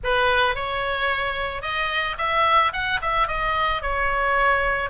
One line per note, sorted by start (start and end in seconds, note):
0.03 0.55 B4
0.55 1.62 C#5
1.62 2.16 D#5
2.18 2.72 E5
2.72 3.00 F#5
3.01 3.27 E5
3.27 3.82 D#5
3.82 4.89 C#5